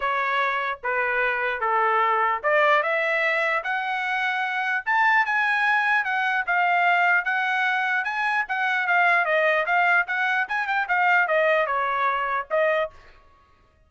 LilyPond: \new Staff \with { instrumentName = "trumpet" } { \time 4/4 \tempo 4 = 149 cis''2 b'2 | a'2 d''4 e''4~ | e''4 fis''2. | a''4 gis''2 fis''4 |
f''2 fis''2 | gis''4 fis''4 f''4 dis''4 | f''4 fis''4 gis''8 g''8 f''4 | dis''4 cis''2 dis''4 | }